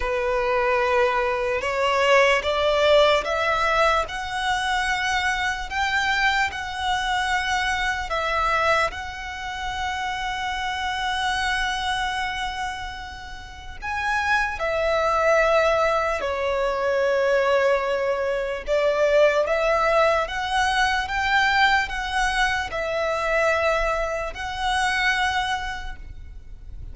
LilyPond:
\new Staff \with { instrumentName = "violin" } { \time 4/4 \tempo 4 = 74 b'2 cis''4 d''4 | e''4 fis''2 g''4 | fis''2 e''4 fis''4~ | fis''1~ |
fis''4 gis''4 e''2 | cis''2. d''4 | e''4 fis''4 g''4 fis''4 | e''2 fis''2 | }